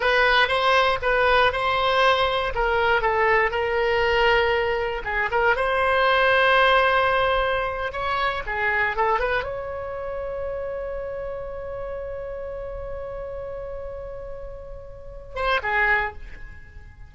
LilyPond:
\new Staff \with { instrumentName = "oboe" } { \time 4/4 \tempo 4 = 119 b'4 c''4 b'4 c''4~ | c''4 ais'4 a'4 ais'4~ | ais'2 gis'8 ais'8 c''4~ | c''2.~ c''8. cis''16~ |
cis''8. gis'4 a'8 b'8 cis''4~ cis''16~ | cis''1~ | cis''1~ | cis''2~ cis''8 c''8 gis'4 | }